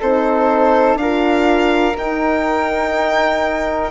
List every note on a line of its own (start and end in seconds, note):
0.00 0.95 C4
0.00 1.00 D#4
0.00 0.98 A4
0.00 0.98 C5
0.95 1.93 D4
0.95 1.95 F4
0.95 1.96 F5
1.01 3.91 A#4
1.95 3.91 D#4
1.95 3.91 G5